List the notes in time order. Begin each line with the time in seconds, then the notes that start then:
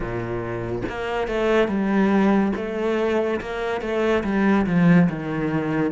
0.00 A#2
0.88 A#3
1.27 A3
1.67 G3
2.56 A3
3.40 A#3
3.81 A3
4.23 G3
4.66 F3
5.09 D#3